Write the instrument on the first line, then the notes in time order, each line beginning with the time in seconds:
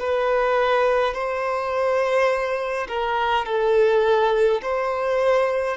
violin
0.00 B4
1.14 C5
2.88 A#4
3.46 A4
4.62 C5